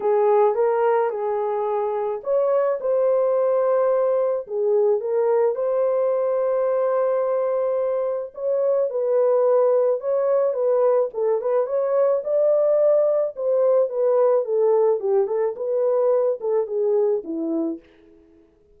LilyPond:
\new Staff \with { instrumentName = "horn" } { \time 4/4 \tempo 4 = 108 gis'4 ais'4 gis'2 | cis''4 c''2. | gis'4 ais'4 c''2~ | c''2. cis''4 |
b'2 cis''4 b'4 | a'8 b'8 cis''4 d''2 | c''4 b'4 a'4 g'8 a'8 | b'4. a'8 gis'4 e'4 | }